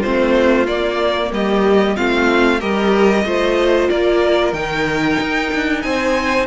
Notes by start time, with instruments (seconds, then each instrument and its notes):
0.00 cello A3, viola C4, violin F4 C5
0.67 viola A#3, cello A#3, violin D5
1.32 cello G3, violin G4 D#5
1.97 cello A3, viola C4, violin F4 F5
2.60 cello G3, viola G4, violin A#4 D#5
3.25 cello A3, viola F4, violin C5
3.90 cello A#3, violin A#4 D5
4.53 cello D#3, viola D#4, violin G5
5.20 cello D#4
5.55 cello D4
5.82 cello C4, violin C5 G#5